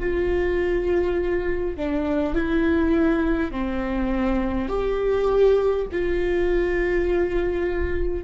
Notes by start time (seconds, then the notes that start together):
0.00 F4
1.76 D4
2.34 E4
3.51 C4
4.68 G4
5.92 F4